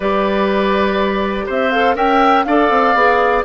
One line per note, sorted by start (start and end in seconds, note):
0.00 1.47 G3
0.00 1.72 G4
0.00 1.45 B4
0.00 1.47 D5
1.46 1.95 C4
1.46 1.95 C5
1.46 1.71 E5
1.71 1.95 A4
1.71 1.95 F5
1.95 2.44 C#4
1.95 2.45 A#4
1.95 2.45 E5
1.95 2.44 G5
2.44 2.70 D4
2.44 2.95 A4
2.44 3.44 D5
2.44 3.42 F5
2.70 2.94 C4
2.94 3.43 B3
2.94 3.44 G#4